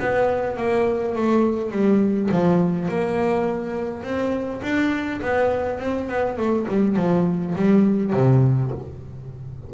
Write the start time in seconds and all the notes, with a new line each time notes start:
0.00 B3
0.58 A#3
1.16 A3
1.72 G3
2.32 F3
2.89 A#3
4.03 C4
4.63 D4
5.22 B3
5.80 C4
6.09 B3
6.38 A3
6.69 G3
6.97 F3
7.56 G3
8.14 C3